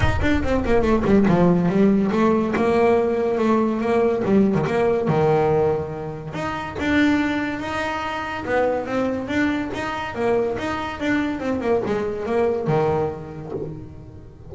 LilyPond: \new Staff \with { instrumentName = "double bass" } { \time 4/4 \tempo 4 = 142 dis'8 d'8 c'8 ais8 a8 g8 f4 | g4 a4 ais2 | a4 ais4 g8. dis16 ais4 | dis2. dis'4 |
d'2 dis'2 | b4 c'4 d'4 dis'4 | ais4 dis'4 d'4 c'8 ais8 | gis4 ais4 dis2 | }